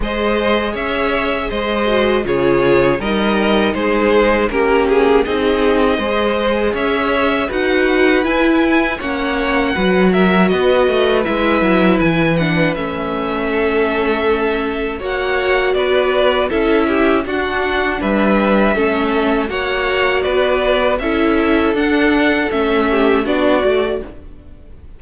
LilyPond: <<
  \new Staff \with { instrumentName = "violin" } { \time 4/4 \tempo 4 = 80 dis''4 e''4 dis''4 cis''4 | dis''4 c''4 ais'8 gis'8 dis''4~ | dis''4 e''4 fis''4 gis''4 | fis''4. e''8 dis''4 e''4 |
gis''8 fis''8 e''2. | fis''4 d''4 e''4 fis''4 | e''2 fis''4 d''4 | e''4 fis''4 e''4 d''4 | }
  \new Staff \with { instrumentName = "violin" } { \time 4/4 c''4 cis''4 c''4 gis'4 | ais'4 gis'4 g'4 gis'4 | c''4 cis''4 b'2 | cis''4 b'8 ais'8 b'2~ |
b'2 a'2 | cis''4 b'4 a'8 g'8 fis'4 | b'4 a'4 cis''4 b'4 | a'2~ a'8 g'8 fis'4 | }
  \new Staff \with { instrumentName = "viola" } { \time 4/4 gis'2~ gis'8 fis'8 f'4 | dis'2 cis'4 dis'4 | gis'2 fis'4 e'4 | cis'4 fis'2 e'4~ |
e'8 d'8 cis'2. | fis'2 e'4 d'4~ | d'4 cis'4 fis'2 | e'4 d'4 cis'4 d'8 fis'8 | }
  \new Staff \with { instrumentName = "cello" } { \time 4/4 gis4 cis'4 gis4 cis4 | g4 gis4 ais4 c'4 | gis4 cis'4 dis'4 e'4 | ais4 fis4 b8 a8 gis8 fis8 |
e4 a2. | ais4 b4 cis'4 d'4 | g4 a4 ais4 b4 | cis'4 d'4 a4 b8 a8 | }
>>